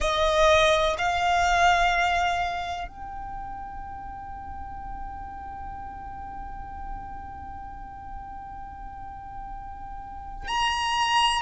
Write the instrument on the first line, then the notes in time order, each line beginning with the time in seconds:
violin
0.00 D#5
0.97 F5
2.88 G5
10.47 A#5